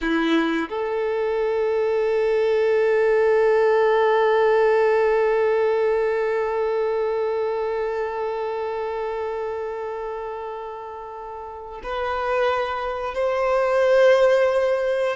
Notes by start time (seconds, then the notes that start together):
0.01 E4
0.69 A4
11.83 B4
13.14 C5